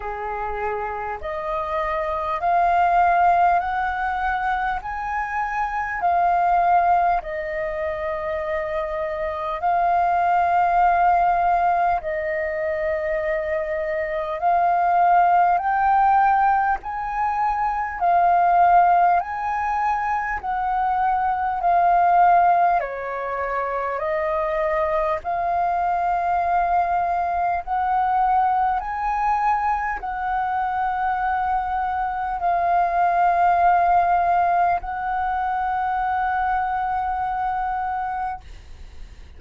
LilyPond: \new Staff \with { instrumentName = "flute" } { \time 4/4 \tempo 4 = 50 gis'4 dis''4 f''4 fis''4 | gis''4 f''4 dis''2 | f''2 dis''2 | f''4 g''4 gis''4 f''4 |
gis''4 fis''4 f''4 cis''4 | dis''4 f''2 fis''4 | gis''4 fis''2 f''4~ | f''4 fis''2. | }